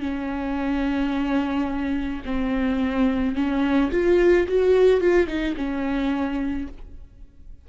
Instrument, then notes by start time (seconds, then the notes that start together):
viola
0.00 C#4
2.25 C4
3.35 C#4
3.91 F4
4.47 F#4
5.00 F4
5.27 D#4
5.56 C#4